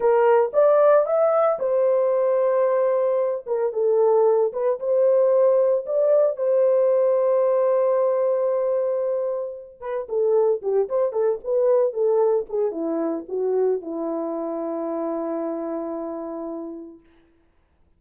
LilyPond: \new Staff \with { instrumentName = "horn" } { \time 4/4 \tempo 4 = 113 ais'4 d''4 e''4 c''4~ | c''2~ c''8 ais'8 a'4~ | a'8 b'8 c''2 d''4 | c''1~ |
c''2~ c''8 b'8 a'4 | g'8 c''8 a'8 b'4 a'4 gis'8 | e'4 fis'4 e'2~ | e'1 | }